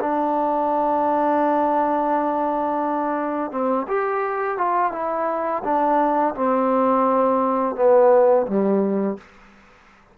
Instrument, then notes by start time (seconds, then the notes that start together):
trombone
0.00 D4
3.51 C4
3.88 G4
4.58 F4
4.92 E4
5.64 D4
6.35 C4
7.76 B3
8.47 G3